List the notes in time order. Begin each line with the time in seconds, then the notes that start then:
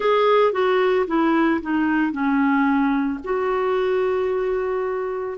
0.00 G#4
0.52 F#4
1.07 E4
1.61 D#4
2.12 C#4
3.24 F#4